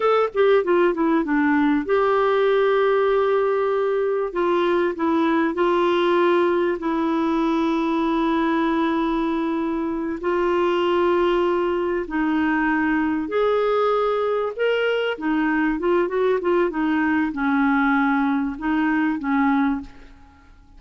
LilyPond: \new Staff \with { instrumentName = "clarinet" } { \time 4/4 \tempo 4 = 97 a'8 g'8 f'8 e'8 d'4 g'4~ | g'2. f'4 | e'4 f'2 e'4~ | e'1~ |
e'8 f'2. dis'8~ | dis'4. gis'2 ais'8~ | ais'8 dis'4 f'8 fis'8 f'8 dis'4 | cis'2 dis'4 cis'4 | }